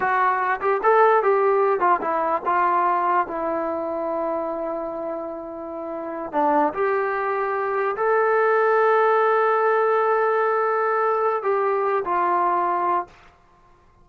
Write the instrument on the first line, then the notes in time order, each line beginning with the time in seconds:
trombone
0.00 F#4
0.60 G4
0.83 A4
1.22 G4
1.80 F4
2.01 E4
2.45 F4
3.27 E4
6.32 D4
6.73 G4
7.96 A4
11.42 G4
12.04 F4